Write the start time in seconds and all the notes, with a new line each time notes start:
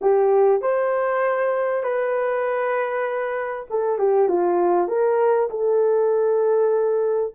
0.01 G4
0.61 C5
1.83 B4
3.70 A4
3.98 G4
4.28 F4
4.88 A#4
5.50 A4